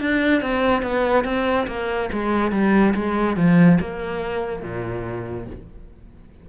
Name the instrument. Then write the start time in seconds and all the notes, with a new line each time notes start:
cello
0.00 D4
0.41 C4
0.82 B3
1.24 C4
1.67 A#3
2.12 G#3
2.52 G3
2.95 G#3
3.36 F3
3.80 A#3
4.62 A#2